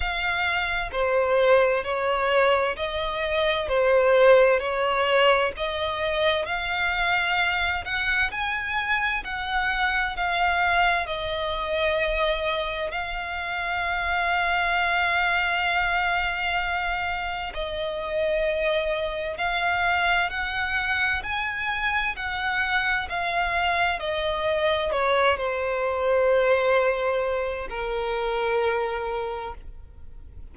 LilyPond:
\new Staff \with { instrumentName = "violin" } { \time 4/4 \tempo 4 = 65 f''4 c''4 cis''4 dis''4 | c''4 cis''4 dis''4 f''4~ | f''8 fis''8 gis''4 fis''4 f''4 | dis''2 f''2~ |
f''2. dis''4~ | dis''4 f''4 fis''4 gis''4 | fis''4 f''4 dis''4 cis''8 c''8~ | c''2 ais'2 | }